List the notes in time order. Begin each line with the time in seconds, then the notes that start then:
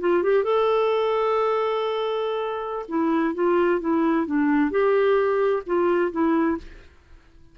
0.00 F4
0.23 G4
0.44 A4
2.88 E4
3.34 F4
3.80 E4
4.27 D4
4.71 G4
5.66 F4
6.12 E4